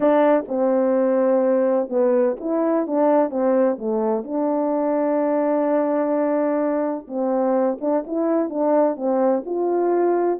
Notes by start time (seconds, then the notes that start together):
0.00 D4
0.48 C4
1.89 B3
2.39 E4
2.86 D4
3.30 C4
3.78 A3
4.23 D4
7.07 C4
7.80 D4
8.06 E4
8.49 D4
8.96 C4
9.45 F4